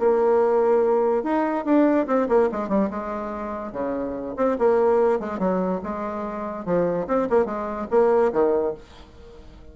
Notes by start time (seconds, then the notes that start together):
0.00 A#3
1.24 D#4
1.66 D4
2.08 C4
2.29 A#3
2.52 G#3
2.69 G3
2.91 G#3
3.73 C#3
4.37 C4
4.59 A#3
5.20 G#3
5.39 F#3
5.84 G#3
6.66 F3
7.08 C4
7.30 A#3
7.46 G#3
7.91 A#3
8.33 D#3